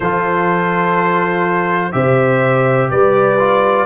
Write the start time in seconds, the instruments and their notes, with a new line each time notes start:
0.00 tuba F3, trombone F4, horn A4, trumpet C5
1.92 tuba C3, trombone G4, horn C5, trumpet E5
2.90 tuba G3, horn B4, trumpet D5
3.38 trombone F4